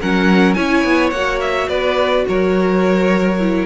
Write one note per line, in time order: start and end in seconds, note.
0.00 0.56 F#3
0.00 0.56 C#4
0.00 0.56 A#4
0.00 0.53 F#5
0.53 0.84 C#4
0.53 1.12 E4
0.53 1.69 C#5
0.53 1.10 G#5
0.84 1.11 B3
1.10 1.68 A#3
1.10 3.40 F#4
1.10 1.39 F#5
1.40 1.68 E5
1.69 2.25 B3
1.69 2.25 B4
1.69 2.25 D5
2.28 3.66 F#3
2.28 3.66 A#4
2.28 3.66 C#5
3.40 3.66 E4